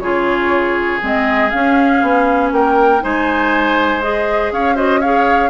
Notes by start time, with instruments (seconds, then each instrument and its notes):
0.00 bassoon C#3, clarinet F4, oboe G#4, flute C#5
1.01 bassoon G#3, clarinet C4, flute D#5
1.51 clarinet C#4, bassoon C#4, flute F5
2.03 bassoon B3
2.52 bassoon A#3, oboe A#4, flute G5
3.01 bassoon G#3, clarinet D#4, oboe C5, flute G#5
4.02 clarinet G#4, flute D#5
4.52 bassoon C#4, oboe C#5, flute F5
4.76 clarinet F#4, oboe C5, flute D#5
5.01 clarinet G#4, oboe C#5, flute F5